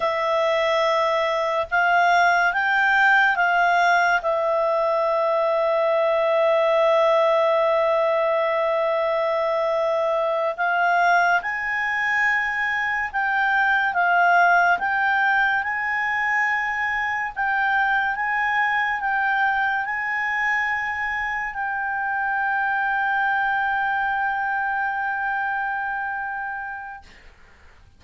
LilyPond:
\new Staff \with { instrumentName = "clarinet" } { \time 4/4 \tempo 4 = 71 e''2 f''4 g''4 | f''4 e''2.~ | e''1~ | e''8 f''4 gis''2 g''8~ |
g''8 f''4 g''4 gis''4.~ | gis''8 g''4 gis''4 g''4 gis''8~ | gis''4. g''2~ g''8~ | g''1 | }